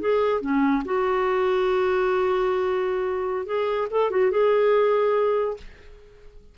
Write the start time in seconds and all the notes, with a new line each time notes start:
0.00 G#4
0.41 C#4
0.85 F#4
3.46 G#4
3.90 A4
4.10 F#4
4.31 G#4